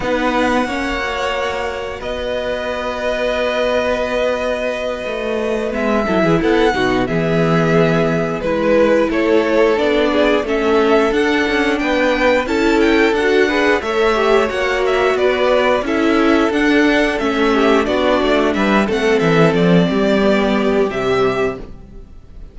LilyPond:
<<
  \new Staff \with { instrumentName = "violin" } { \time 4/4 \tempo 4 = 89 fis''2. dis''4~ | dis''1~ | dis''8 e''4 fis''4 e''4.~ | e''8 b'4 cis''4 d''4 e''8~ |
e''8 fis''4 g''4 a''8 g''8 fis''8~ | fis''8 e''4 fis''8 e''8 d''4 e''8~ | e''8 fis''4 e''4 d''4 e''8 | fis''8 e''8 d''2 e''4 | }
  \new Staff \with { instrumentName = "violin" } { \time 4/4 b'4 cis''2 b'4~ | b'1~ | b'4 a'16 gis'16 a'8 fis'8 gis'4.~ | gis'8 b'4 a'4. gis'8 a'8~ |
a'4. b'4 a'4. | b'8 cis''2 b'4 a'8~ | a'2 g'8 fis'4 b'8 | a'4. g'2~ g'8 | }
  \new Staff \with { instrumentName = "viola" } { \time 4/4 dis'4 cis'8 fis'2~ fis'8~ | fis'1~ | fis'8 b8 e'4 dis'8 b4.~ | b8 e'2 d'4 cis'8~ |
cis'8 d'2 e'4 fis'8 | gis'8 a'8 g'8 fis'2 e'8~ | e'8 d'4 cis'4 d'4. | c'2 b4 g4 | }
  \new Staff \with { instrumentName = "cello" } { \time 4/4 b4 ais2 b4~ | b2.~ b8 a8~ | a8 gis8 fis16 e16 b8 b,8 e4.~ | e8 gis4 a4 b4 a8~ |
a8 d'8 cis'8 b4 cis'4 d'8~ | d'8 a4 ais4 b4 cis'8~ | cis'8 d'4 a4 b8 a8 g8 | a8 e8 f8 g4. c4 | }
>>